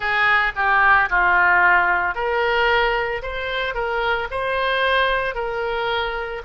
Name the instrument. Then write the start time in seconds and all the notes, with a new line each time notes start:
oboe
0.00 G#4
0.55 G4
1.09 F4
2.14 A#4
3.22 C5
3.74 A#4
4.31 C5
5.35 A#4